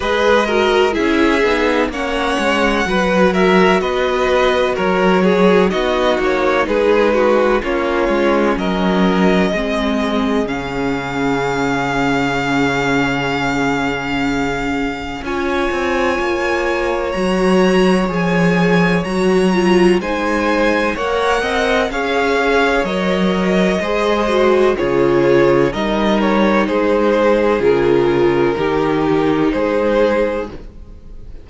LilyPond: <<
  \new Staff \with { instrumentName = "violin" } { \time 4/4 \tempo 4 = 63 dis''4 e''4 fis''4. e''8 | dis''4 cis''4 dis''8 cis''8 b'4 | cis''4 dis''2 f''4~ | f''1 |
gis''2 ais''4 gis''4 | ais''4 gis''4 fis''4 f''4 | dis''2 cis''4 dis''8 cis''8 | c''4 ais'2 c''4 | }
  \new Staff \with { instrumentName = "violin" } { \time 4/4 b'8 ais'8 gis'4 cis''4 b'8 ais'8 | b'4 ais'8 gis'8 fis'4 gis'8 fis'8 | f'4 ais'4 gis'2~ | gis'1 |
cis''1~ | cis''4 c''4 cis''8 dis''8 cis''4~ | cis''4 c''4 gis'4 ais'4 | gis'2 g'4 gis'4 | }
  \new Staff \with { instrumentName = "viola" } { \time 4/4 gis'8 fis'8 e'8 dis'8 cis'4 fis'4~ | fis'2 dis'2 | cis'2 c'4 cis'4~ | cis'1 |
f'2 fis'4 gis'4 | fis'8 f'8 dis'4 ais'4 gis'4 | ais'4 gis'8 fis'8 f'4 dis'4~ | dis'4 f'4 dis'2 | }
  \new Staff \with { instrumentName = "cello" } { \time 4/4 gis4 cis'8 b8 ais8 gis8 fis4 | b4 fis4 b8 ais8 gis4 | ais8 gis8 fis4 gis4 cis4~ | cis1 |
cis'8 c'8 ais4 fis4 f4 | fis4 gis4 ais8 c'8 cis'4 | fis4 gis4 cis4 g4 | gis4 cis4 dis4 gis4 | }
>>